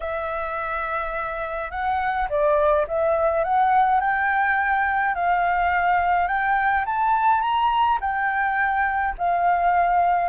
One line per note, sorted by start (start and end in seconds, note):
0.00 1.70 E5
1.71 2.28 F#5
2.29 2.86 D5
2.87 3.44 E5
3.44 4.00 F#5
4.00 5.14 G5
5.14 6.27 F5
6.27 6.84 G5
6.85 7.41 A5
7.41 7.98 A#5
8.00 9.15 G5
9.17 10.29 F5